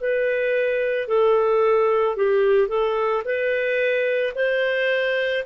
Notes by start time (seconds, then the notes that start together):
0.00 B4
1.08 A4
2.16 G4
2.68 A4
3.24 B4
4.35 C5